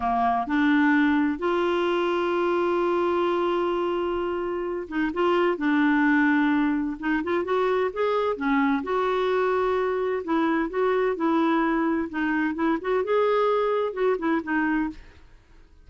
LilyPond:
\new Staff \with { instrumentName = "clarinet" } { \time 4/4 \tempo 4 = 129 ais4 d'2 f'4~ | f'1~ | f'2~ f'8 dis'8 f'4 | d'2. dis'8 f'8 |
fis'4 gis'4 cis'4 fis'4~ | fis'2 e'4 fis'4 | e'2 dis'4 e'8 fis'8 | gis'2 fis'8 e'8 dis'4 | }